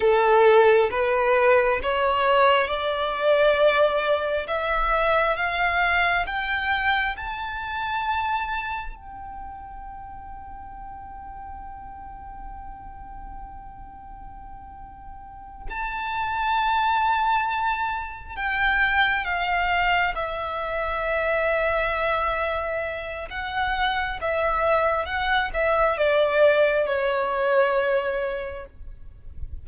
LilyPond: \new Staff \with { instrumentName = "violin" } { \time 4/4 \tempo 4 = 67 a'4 b'4 cis''4 d''4~ | d''4 e''4 f''4 g''4 | a''2 g''2~ | g''1~ |
g''4. a''2~ a''8~ | a''8 g''4 f''4 e''4.~ | e''2 fis''4 e''4 | fis''8 e''8 d''4 cis''2 | }